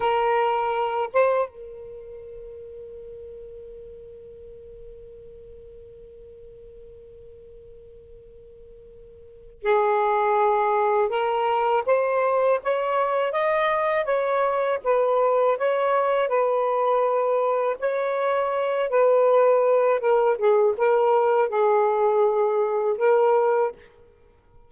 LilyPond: \new Staff \with { instrumentName = "saxophone" } { \time 4/4 \tempo 4 = 81 ais'4. c''8 ais'2~ | ais'1~ | ais'1~ | ais'4 gis'2 ais'4 |
c''4 cis''4 dis''4 cis''4 | b'4 cis''4 b'2 | cis''4. b'4. ais'8 gis'8 | ais'4 gis'2 ais'4 | }